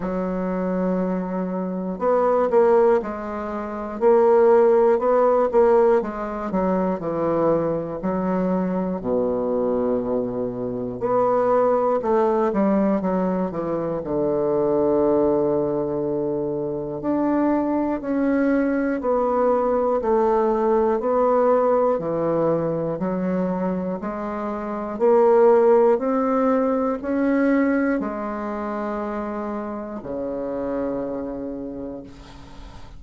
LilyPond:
\new Staff \with { instrumentName = "bassoon" } { \time 4/4 \tempo 4 = 60 fis2 b8 ais8 gis4 | ais4 b8 ais8 gis8 fis8 e4 | fis4 b,2 b4 | a8 g8 fis8 e8 d2~ |
d4 d'4 cis'4 b4 | a4 b4 e4 fis4 | gis4 ais4 c'4 cis'4 | gis2 cis2 | }